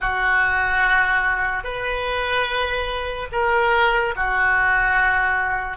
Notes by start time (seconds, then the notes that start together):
0.00 F#4
1.63 B4
3.32 A#4
4.15 F#4